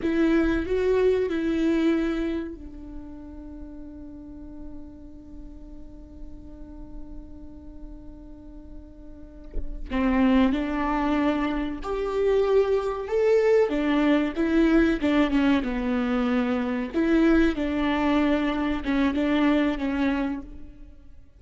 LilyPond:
\new Staff \with { instrumentName = "viola" } { \time 4/4 \tempo 4 = 94 e'4 fis'4 e'2 | d'1~ | d'1~ | d'2.~ d'8 c'8~ |
c'8 d'2 g'4.~ | g'8 a'4 d'4 e'4 d'8 | cis'8 b2 e'4 d'8~ | d'4. cis'8 d'4 cis'4 | }